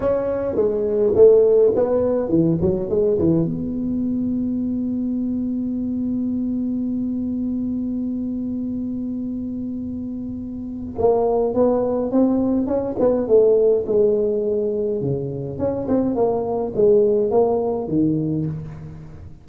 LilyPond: \new Staff \with { instrumentName = "tuba" } { \time 4/4 \tempo 4 = 104 cis'4 gis4 a4 b4 | e8 fis8 gis8 e8 b2~ | b1~ | b1~ |
b2. ais4 | b4 c'4 cis'8 b8 a4 | gis2 cis4 cis'8 c'8 | ais4 gis4 ais4 dis4 | }